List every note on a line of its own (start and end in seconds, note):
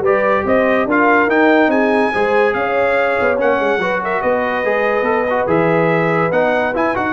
0.00 0.42 G3
0.00 0.89 G4
0.00 0.44 B4
0.00 0.47 D5
0.46 0.86 C4
0.46 0.87 C5
0.46 0.89 D#5
0.86 1.27 D4
0.86 1.29 F4
0.86 1.71 A#4
0.86 1.30 F5
1.27 1.68 D#4
1.27 2.13 D#4
1.27 1.71 G5
1.68 2.10 C4
1.68 2.12 G#4
1.68 2.54 G#5
2.13 2.54 G#3
2.13 3.38 G#4
2.13 2.55 C5
2.54 3.17 C#4
2.54 3.81 C#5
2.54 3.38 F5
3.21 3.41 B3
3.38 3.60 A#3
3.38 3.80 C#4
3.38 4.03 F#5
3.60 3.78 G#3
3.78 4.20 F#3
3.78 4.65 F#4
3.78 4.02 B4
4.03 4.21 A#4
4.03 4.22 E5
4.21 4.65 B3
4.21 7.13 B4
4.21 5.48 D#5
4.65 5.02 G#3
4.65 5.04 G#4
5.02 5.44 B3
5.02 5.25 A4
5.30 5.47 F#4
5.47 6.31 E3
5.47 6.31 G#4
5.47 6.32 E5
6.32 6.74 B3
6.32 6.74 D#4
6.32 6.74 F#5
6.75 6.95 E4
6.75 6.96 E4
6.75 6.96 G#5
6.95 7.13 D#4
6.95 7.13 F#4
6.95 7.13 F#5